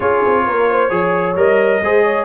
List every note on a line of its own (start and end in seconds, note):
0.00 0.23 C#4
0.00 0.89 F4
0.00 0.45 G#4
0.00 1.37 C#5
0.26 0.46 C4
0.46 0.90 A#3
0.46 0.70 A#4
0.70 0.91 C5
0.89 1.35 F3
0.89 1.35 G#4
0.89 1.82 C#5
1.35 1.81 G3
1.35 1.81 A#4
1.35 2.24 D#5
1.81 2.24 G#3
1.81 2.24 G#4
1.81 2.03 C5
2.03 2.24 C#5